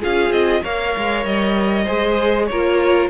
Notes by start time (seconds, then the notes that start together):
0.00 C#4 F4 G#4 F5
0.30 C4 D#5
0.63 A#3 A#4 C#5 F5
0.97 G#3
1.25 G3 D#5
1.84 G#3 G#4 C5
2.47 A#3 A#4 C#5
2.53 F4